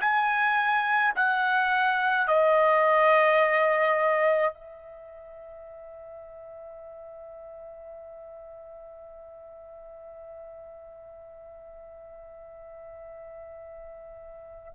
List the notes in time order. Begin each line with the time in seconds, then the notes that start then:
0.00 G#5
1.15 F#5
2.27 D#5
4.53 E5